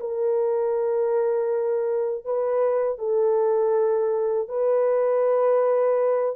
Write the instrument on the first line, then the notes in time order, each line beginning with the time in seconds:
horn
0.00 A#4
2.25 B4
2.99 A4
4.49 B4